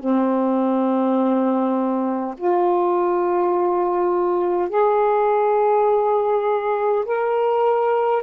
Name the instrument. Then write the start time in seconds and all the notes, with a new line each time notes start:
saxophone
0.00 C4
2.38 F4
4.70 G#4
7.06 A#4